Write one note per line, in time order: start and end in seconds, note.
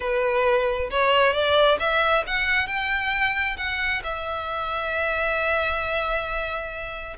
0.00 0.90 B4
0.90 1.33 C#5
1.33 1.78 D5
1.79 2.24 E5
2.26 2.67 F#5
2.67 3.56 G5
3.57 4.02 F#5
4.03 7.16 E5